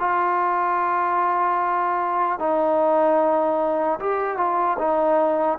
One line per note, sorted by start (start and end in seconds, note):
0.00 2.40 F4
2.40 4.00 D#4
4.00 4.37 G4
4.37 4.77 F4
4.79 5.59 D#4